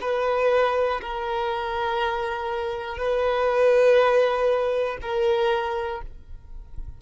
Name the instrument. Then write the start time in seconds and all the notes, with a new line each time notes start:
violin
0.00 B4
1.00 A#4
2.97 B4
5.01 A#4